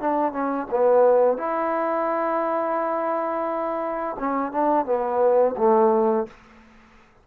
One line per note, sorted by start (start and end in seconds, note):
0.00 0.32 D4
0.32 0.67 C#4
0.70 1.37 B3
1.37 4.16 E4
4.19 4.52 C#4
4.52 4.85 D4
4.85 5.55 B3
5.57 6.27 A3